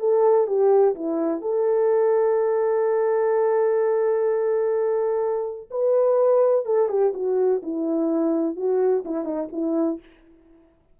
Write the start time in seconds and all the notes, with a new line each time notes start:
0.00 A4
0.47 G4
0.95 E4
1.42 A4
5.71 B4
6.66 A4
6.89 G4
7.14 F#4
7.63 E4
8.56 F#4
9.05 E4
9.25 D#4
9.52 E4